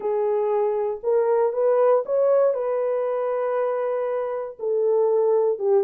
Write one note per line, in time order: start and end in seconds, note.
0.00 1.01 G#4
1.03 1.52 A#4
1.52 2.03 B4
2.05 2.54 C#5
2.54 4.57 B4
4.59 5.58 A4
5.58 5.84 G4